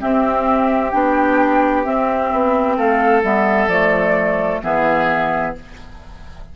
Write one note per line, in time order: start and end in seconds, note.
0.00 0.92 C4
0.00 0.93 C4
0.00 2.77 G4
0.00 0.91 E5
0.91 1.85 B3
0.91 1.85 D4
0.91 1.83 G5
1.84 3.23 C4
1.84 2.32 C4
1.84 2.76 E5
2.32 2.77 B3
2.77 3.23 A3
2.77 4.61 A4
2.77 3.23 F5
3.23 3.67 G3
3.23 3.70 B3
3.23 3.68 E5
3.67 4.59 F3
3.67 4.63 A3
3.67 4.61 D5
4.63 5.55 E3
4.63 5.55 B3
4.63 5.55 G#4
4.63 5.55 E5